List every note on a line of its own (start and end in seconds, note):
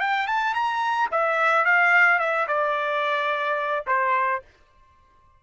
0.00 0.27 G5
0.27 0.54 A5
0.54 1.09 A#5
1.11 1.65 E5
1.65 2.19 F5
2.19 2.47 E5
2.48 3.85 D5
3.87 4.42 C5